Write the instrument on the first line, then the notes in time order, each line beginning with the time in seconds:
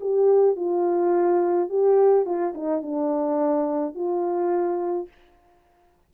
horn
0.00 G4
0.56 F4
1.69 G4
2.25 F4
2.54 D#4
2.82 D4
3.94 F4